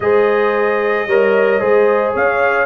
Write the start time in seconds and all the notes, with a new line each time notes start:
0.00 G#3 G#4 C5 D#5
1.06 G3 A#4 C#5
1.60 G#3 G#4 C5
2.13 C#4 C#5 F5